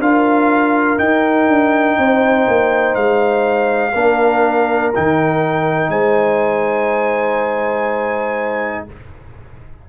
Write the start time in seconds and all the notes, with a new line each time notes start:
0.00 D4 F4 A#4 F5
0.98 D#4 G5
1.48 D4
1.98 C4 C5
2.48 A#3
2.95 G#3 F5
3.93 A#3 D4 A#4
4.95 D#3 D#4 G5
5.90 G#3 C5 G#5